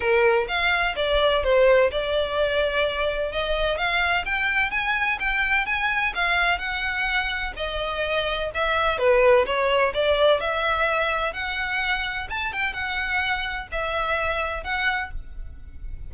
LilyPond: \new Staff \with { instrumentName = "violin" } { \time 4/4 \tempo 4 = 127 ais'4 f''4 d''4 c''4 | d''2. dis''4 | f''4 g''4 gis''4 g''4 | gis''4 f''4 fis''2 |
dis''2 e''4 b'4 | cis''4 d''4 e''2 | fis''2 a''8 g''8 fis''4~ | fis''4 e''2 fis''4 | }